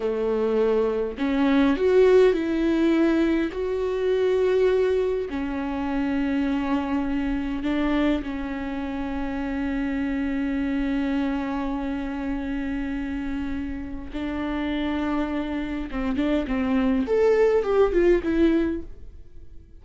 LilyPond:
\new Staff \with { instrumentName = "viola" } { \time 4/4 \tempo 4 = 102 a2 cis'4 fis'4 | e'2 fis'2~ | fis'4 cis'2.~ | cis'4 d'4 cis'2~ |
cis'1~ | cis'1 | d'2. c'8 d'8 | c'4 a'4 g'8 f'8 e'4 | }